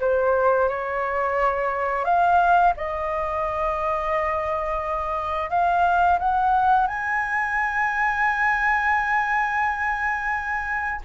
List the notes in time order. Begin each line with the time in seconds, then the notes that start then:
0.00 C5
0.69 C#5
2.04 F5
2.76 D#5
5.50 F5
6.19 F#5
6.87 G#5